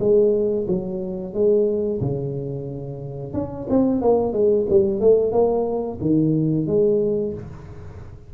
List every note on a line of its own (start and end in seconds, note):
0.00 0.67 G#3
0.68 1.34 F#3
1.34 2.01 G#3
2.01 3.34 C#3
3.34 3.67 C#4
3.70 4.02 C4
4.02 4.33 A#3
4.33 4.66 G#3
4.70 5.01 G3
5.01 5.32 A3
5.32 5.99 A#3
6.01 6.67 D#3
6.67 7.34 G#3